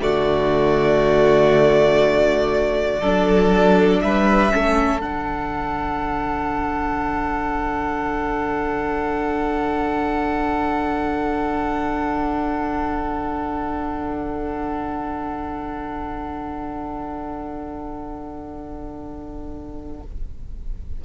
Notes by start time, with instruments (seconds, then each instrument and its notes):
0.00 cello D3, viola A3, violin F#4 D5
3.01 cello F#3, viola D4, violin A4
4.01 cello G3, violin B4 E5
4.50 cello A3, viola C#4, violin A4
5.01 cello D3, viola D4, violin F#5